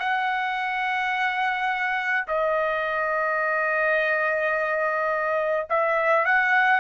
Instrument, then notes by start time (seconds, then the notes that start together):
trumpet
0.00 F#5
2.28 D#5
5.70 E5
6.26 F#5